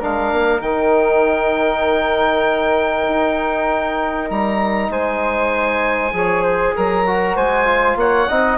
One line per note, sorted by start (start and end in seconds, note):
0.00 0.33 G#3
0.00 0.61 D4
0.00 4.90 A#4
0.00 0.62 F5
0.33 0.60 A#3
0.60 3.05 D#3
0.60 6.12 D#4
0.60 4.29 G5
3.08 4.30 D#4
4.30 4.90 G3
4.30 4.92 A#5
4.90 6.12 G#3
4.90 6.14 C5
4.90 6.76 G#5
6.12 6.74 F3
6.12 7.05 G#4
6.12 6.43 C#5
6.43 6.73 C5
6.76 7.36 F#3
6.76 7.35 A#4
6.76 7.37 A#5
7.07 7.66 F#4
7.35 7.95 G#3
7.35 7.97 C5
7.35 7.98 G#5
7.66 8.27 F4
7.95 8.26 A#3
7.95 8.28 C#5
7.95 8.58 F#5
8.28 8.58 C4
8.28 8.58 D#4
8.28 8.58 D#5